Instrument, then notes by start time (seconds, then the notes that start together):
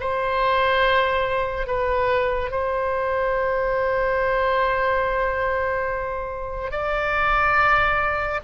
oboe
0.00 C5
1.67 B4
2.51 C5
6.71 D5